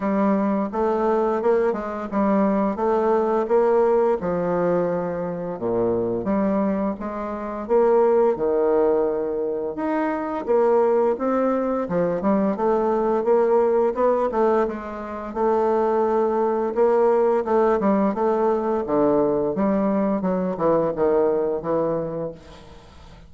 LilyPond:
\new Staff \with { instrumentName = "bassoon" } { \time 4/4 \tempo 4 = 86 g4 a4 ais8 gis8 g4 | a4 ais4 f2 | ais,4 g4 gis4 ais4 | dis2 dis'4 ais4 |
c'4 f8 g8 a4 ais4 | b8 a8 gis4 a2 | ais4 a8 g8 a4 d4 | g4 fis8 e8 dis4 e4 | }